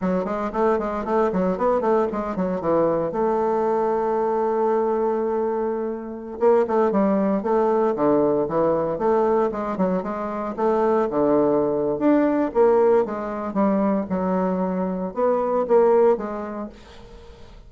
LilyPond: \new Staff \with { instrumentName = "bassoon" } { \time 4/4 \tempo 4 = 115 fis8 gis8 a8 gis8 a8 fis8 b8 a8 | gis8 fis8 e4 a2~ | a1~ | a16 ais8 a8 g4 a4 d8.~ |
d16 e4 a4 gis8 fis8 gis8.~ | gis16 a4 d4.~ d16 d'4 | ais4 gis4 g4 fis4~ | fis4 b4 ais4 gis4 | }